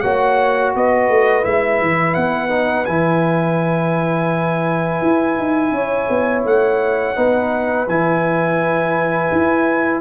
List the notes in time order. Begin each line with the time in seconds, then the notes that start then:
0.00 A#3 F#4 C#5 F#5
0.75 B3 B4 D#5
1.09 A3
1.43 G#3 E4 E5
1.81 E3
2.14 B3 F#5
2.49 D#4
2.85 E3 E4 G#5
5.02 E4
5.38 D#4
5.71 C#4 C#5
6.09 B3
6.44 A3 F#5
7.16 B3 D#4 B4
7.87 E3 E4 G#5
9.32 E4